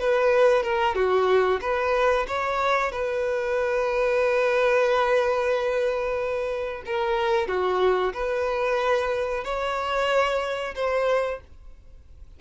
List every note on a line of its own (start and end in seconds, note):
0.00 0.63 B4
0.63 0.95 A#4
0.95 1.60 F#4
1.62 2.27 B4
2.28 2.92 C#5
2.92 6.84 B4
6.86 7.48 A#4
7.48 8.13 F#4
8.14 9.44 B4
9.45 10.75 C#5
10.75 11.41 C5